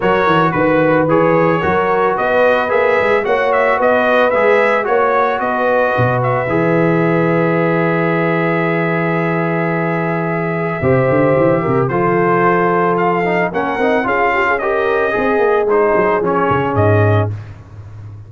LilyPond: <<
  \new Staff \with { instrumentName = "trumpet" } { \time 4/4 \tempo 4 = 111 cis''4 b'4 cis''2 | dis''4 e''4 fis''8 e''8 dis''4 | e''4 cis''4 dis''4. e''8~ | e''1~ |
e''1~ | e''2 c''2 | f''4 fis''4 f''4 dis''4~ | dis''4 c''4 cis''4 dis''4 | }
  \new Staff \with { instrumentName = "horn" } { \time 4/4 ais'4 b'2 ais'4 | b'2 cis''4 b'4~ | b'4 cis''4 b'2~ | b'1~ |
b'1 | c''4. ais'8 a'2~ | a'4 ais'4 gis'8 g'16 gis'16 ais'4 | gis'1 | }
  \new Staff \with { instrumentName = "trombone" } { \time 4/4 fis'2 gis'4 fis'4~ | fis'4 gis'4 fis'2 | gis'4 fis'2. | gis'1~ |
gis'1 | g'2 f'2~ | f'8 dis'8 cis'8 dis'8 f'4 g'4 | gis'4 dis'4 cis'2 | }
  \new Staff \with { instrumentName = "tuba" } { \time 4/4 fis8 e8 dis4 e4 fis4 | b4 ais8 gis8 ais4 b4 | gis4 ais4 b4 b,4 | e1~ |
e1 | c8 d8 e8 c8 f2~ | f4 ais8 c'8 cis'2 | c'8 ais8 gis8 fis8 f8 cis8 gis,4 | }
>>